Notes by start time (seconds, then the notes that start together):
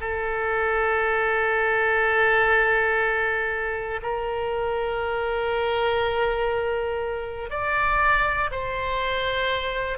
0.00 A4
4.02 A#4
7.50 D5
8.50 C5